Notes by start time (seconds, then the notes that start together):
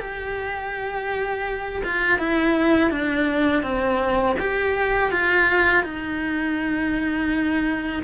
0.00 G4
1.84 F4
2.19 E4
2.91 D4
3.63 C4
4.40 G4
5.12 F4
5.84 D#4